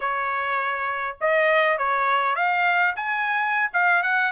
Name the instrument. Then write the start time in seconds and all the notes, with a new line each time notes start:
trumpet
0.00 C#5
1.20 D#5
1.78 C#5
2.35 F5
2.96 G#5
3.73 F5
4.02 F#5